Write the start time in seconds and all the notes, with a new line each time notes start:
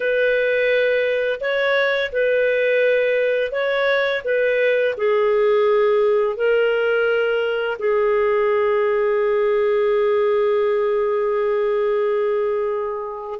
0.00 B4
1.40 C#5
2.12 B4
3.51 C#5
4.24 B4
4.97 G#4
6.36 A#4
7.78 G#4